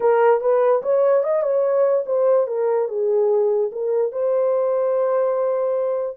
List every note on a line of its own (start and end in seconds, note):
0.00 0.40 A#4
0.40 0.81 B4
0.82 1.23 C#5
1.23 1.42 D#5
1.42 2.04 C#5
2.05 2.47 C5
2.47 2.88 A#4
2.88 3.70 G#4
3.72 4.12 A#4
4.12 6.17 C5